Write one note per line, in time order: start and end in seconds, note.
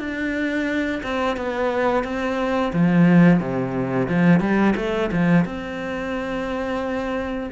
0.00 1.02 D4
1.04 1.37 C4
1.37 2.04 B3
2.04 2.72 C4
2.74 3.40 F3
3.40 4.08 C3
4.09 4.41 F3
4.41 4.75 G3
4.77 5.11 A3
5.12 5.46 F3
5.46 7.50 C4